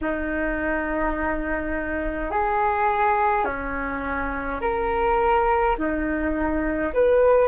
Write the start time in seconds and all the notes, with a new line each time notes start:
0.01 D#4
2.30 G#4
3.45 C#4
4.60 A#4
5.77 D#4
6.93 B4